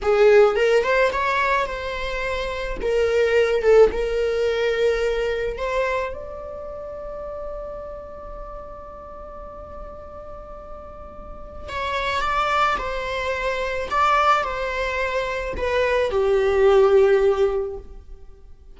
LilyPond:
\new Staff \with { instrumentName = "viola" } { \time 4/4 \tempo 4 = 108 gis'4 ais'8 c''8 cis''4 c''4~ | c''4 ais'4. a'8 ais'4~ | ais'2 c''4 d''4~ | d''1~ |
d''1~ | d''4 cis''4 d''4 c''4~ | c''4 d''4 c''2 | b'4 g'2. | }